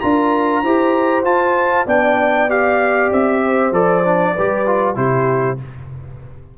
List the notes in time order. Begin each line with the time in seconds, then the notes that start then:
0.00 D4 F4 A#4 A#5
0.63 E4 G4 C5
1.23 F4 A5
1.86 B3 D4 D5 G5
2.49 G4 F5
3.11 C4 E5
3.44 C5
3.71 F3 A4 D5
4.04 D4
4.34 G3 G4 B4
4.66 F4
4.95 C3 E4 G4 C5